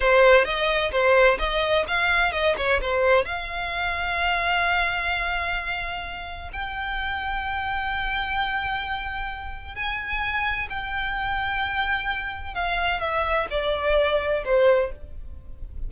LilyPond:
\new Staff \with { instrumentName = "violin" } { \time 4/4 \tempo 4 = 129 c''4 dis''4 c''4 dis''4 | f''4 dis''8 cis''8 c''4 f''4~ | f''1~ | f''2 g''2~ |
g''1~ | g''4 gis''2 g''4~ | g''2. f''4 | e''4 d''2 c''4 | }